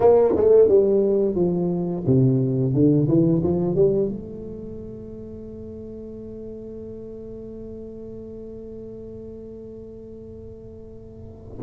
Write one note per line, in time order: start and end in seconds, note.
0.00 0.34 A#3
0.36 0.68 A3
0.68 1.35 G3
1.35 2.03 F3
2.06 2.73 C3
2.73 3.07 D3
3.08 3.42 E3
3.43 3.75 F3
3.75 4.08 G3
4.08 11.58 A3